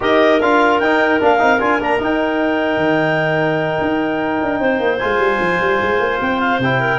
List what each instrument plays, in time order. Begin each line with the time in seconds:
0.00 tuba D#4, trombone G4, clarinet A#4 D#5
0.40 tuba D4, trombone F4, clarinet F5
0.79 tuba D#4, trombone D#4, clarinet G5
1.20 tuba A#3, trombone D4, clarinet F5
1.39 tuba C4, trombone D#4
1.59 tuba D4, trombone F4, clarinet G#5
1.80 tuba A#3, trombone D4, clarinet A#5
1.98 trombone D#4, tuba D#4, clarinet G5
2.76 tuba D#3
3.81 tuba D#4
4.42 tuba D4
4.59 tuba C4, clarinet C5
4.79 tuba A#3
4.98 tuba G#3, trombone F4, clarinet G#5
5.18 tuba G3
5.40 tuba F3
5.60 tuba G3
5.81 tuba G#3
5.99 tuba A#3
6.20 tuba C4, clarinet G5
6.39 clarinet F5
6.59 tuba C3, trombone E4, clarinet G5
6.80 clarinet A#4